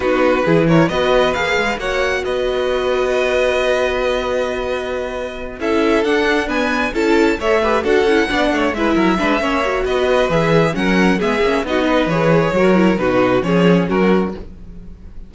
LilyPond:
<<
  \new Staff \with { instrumentName = "violin" } { \time 4/4 \tempo 4 = 134 b'4. cis''8 dis''4 f''4 | fis''4 dis''2.~ | dis''1~ | dis''8 e''4 fis''4 gis''4 a''8~ |
a''8 e''4 fis''2 e''8~ | e''2 dis''4 e''4 | fis''4 e''4 dis''4 cis''4~ | cis''4 b'4 cis''4 ais'4 | }
  \new Staff \with { instrumentName = "violin" } { \time 4/4 fis'4 gis'8 ais'8 b'2 | cis''4 b'2.~ | b'1~ | b'8 a'2 b'4 a'8~ |
a'8 cis''8 b'8 a'4 d''8 cis''8 b'8 | ais'8 b'8 cis''4 b'2 | ais'4 gis'4 fis'8 b'4. | ais'4 fis'4 gis'4 fis'4 | }
  \new Staff \with { instrumentName = "viola" } { \time 4/4 dis'4 e'4 fis'4 gis'4 | fis'1~ | fis'1~ | fis'8 e'4 d'4 b4 e'8~ |
e'8 a'8 g'8 fis'8 e'8 d'4 e'8~ | e'8 d'8 cis'8 fis'4. gis'4 | cis'4 b8 cis'8 dis'4 gis'4 | fis'8 e'8 dis'4 cis'2 | }
  \new Staff \with { instrumentName = "cello" } { \time 4/4 b4 e4 b4 ais8 gis8 | ais4 b2.~ | b1~ | b8 cis'4 d'2 cis'8~ |
cis'8 a4 d'8 cis'8 b8 a8 gis8 | fis8 gis8 ais4 b4 e4 | fis4 gis8 ais8 b4 e4 | fis4 b,4 f4 fis4 | }
>>